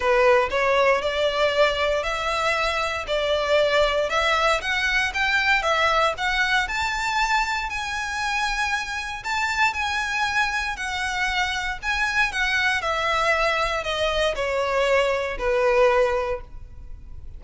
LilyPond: \new Staff \with { instrumentName = "violin" } { \time 4/4 \tempo 4 = 117 b'4 cis''4 d''2 | e''2 d''2 | e''4 fis''4 g''4 e''4 | fis''4 a''2 gis''4~ |
gis''2 a''4 gis''4~ | gis''4 fis''2 gis''4 | fis''4 e''2 dis''4 | cis''2 b'2 | }